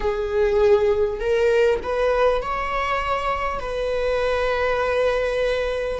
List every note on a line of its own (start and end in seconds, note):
0.00 1.20 G#4
1.20 1.80 A#4
1.82 2.42 B4
2.42 3.59 C#5
3.59 5.99 B4